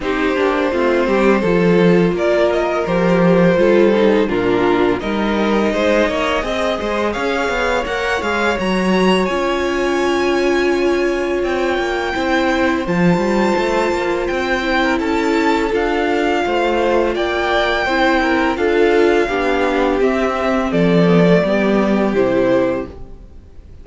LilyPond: <<
  \new Staff \with { instrumentName = "violin" } { \time 4/4 \tempo 4 = 84 c''2. d''8 dis''8 | c''2 ais'4 dis''4~ | dis''2 f''4 fis''8 f''8 | ais''4 gis''2. |
g''2 a''2 | g''4 a''4 f''2 | g''2 f''2 | e''4 d''2 c''4 | }
  \new Staff \with { instrumentName = "violin" } { \time 4/4 g'4 f'8 g'8 a'4 ais'4~ | ais'4 a'4 f'4 ais'4 | c''8 cis''8 dis''8 c''8 cis''2~ | cis''1~ |
cis''4 c''2.~ | c''8. ais'16 a'2 c''4 | d''4 c''8 ais'8 a'4 g'4~ | g'4 a'4 g'2 | }
  \new Staff \with { instrumentName = "viola" } { \time 4/4 dis'8 d'8 c'4 f'2 | g'4 f'8 dis'8 d'4 dis'4~ | dis'4 gis'2 ais'8 gis'8 | fis'4 f'2.~ |
f'4 e'4 f'2~ | f'8 e'4. f'2~ | f'4 e'4 f'4 d'4 | c'4. b16 a16 b4 e'4 | }
  \new Staff \with { instrumentName = "cello" } { \time 4/4 c'8 ais8 a8 g8 f4 ais4 | f4 g4 ais,4 g4 | gis8 ais8 c'8 gis8 cis'8 b8 ais8 gis8 | fis4 cis'2. |
c'8 ais8 c'4 f8 g8 a8 ais8 | c'4 cis'4 d'4 a4 | ais4 c'4 d'4 b4 | c'4 f4 g4 c4 | }
>>